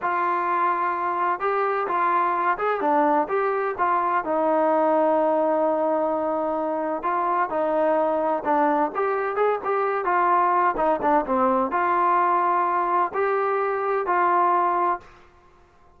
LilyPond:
\new Staff \with { instrumentName = "trombone" } { \time 4/4 \tempo 4 = 128 f'2. g'4 | f'4. gis'8 d'4 g'4 | f'4 dis'2.~ | dis'2. f'4 |
dis'2 d'4 g'4 | gis'8 g'4 f'4. dis'8 d'8 | c'4 f'2. | g'2 f'2 | }